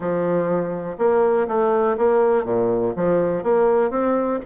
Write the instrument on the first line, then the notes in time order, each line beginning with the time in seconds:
bassoon
0.00 F3
0.97 A#3
1.47 A3
1.97 A#3
2.44 A#2
2.96 F3
3.43 A#3
3.90 C4